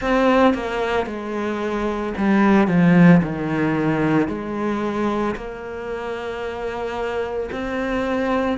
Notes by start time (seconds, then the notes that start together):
0.00 C4
0.54 A#3
1.06 G#3
2.17 G3
2.67 F3
3.22 D#3
4.28 G#3
5.35 A#3
7.51 C4